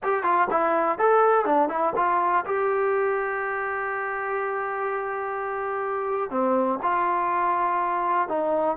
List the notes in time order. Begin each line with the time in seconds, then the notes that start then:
0.03 G4
0.23 F4
0.50 E4
0.98 A4
1.45 D4
1.69 E4
1.96 F4
2.45 G4
6.30 C4
6.82 F4
8.28 D#4